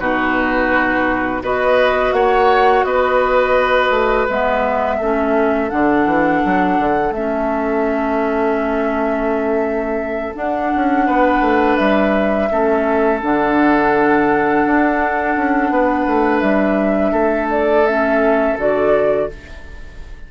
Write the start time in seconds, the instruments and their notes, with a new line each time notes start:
0.00 bassoon B2, clarinet D#4, oboe F#4, flute B4
1.42 bassoon B3, clarinet F#4, oboe B4, flute D#5
2.12 bassoon A#3, oboe C#5, flute F#5
2.84 bassoon B3, oboe B4, flute D#5
3.90 bassoon A3
4.29 bassoon G#3, clarinet B3, flute E5
4.98 bassoon A3, clarinet C#4, oboe A4
5.70 bassoon D3, clarinet D4, flute F#5
6.06 bassoon E3
6.45 bassoon F#3
6.79 bassoon D3
7.11 bassoon A3, clarinet C#4, flute E5
10.34 clarinet D4, bassoon D4, flute F#5
10.76 bassoon C#4
11.07 bassoon B3, oboe B4
11.41 bassoon A3
11.77 bassoon G3, flute E5
12.50 bassoon A3, clarinet C#4, oboe A4
13.20 bassoon D3, clarinet D4, flute F#5
14.65 bassoon D4
15.36 bassoon C#4
15.70 bassoon B3, oboe B4
16.07 bassoon A3
16.39 bassoon G3, flute E5
17.12 bassoon A3, oboe A4
17.51 flute D5
17.86 clarinet C#4, flute E5
18.58 bassoon D3, clarinet F#4, flute D5